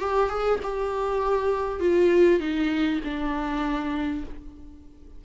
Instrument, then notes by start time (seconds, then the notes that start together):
viola
0.00 G4
0.29 G#4
0.63 G4
1.80 F4
2.40 D#4
3.04 D4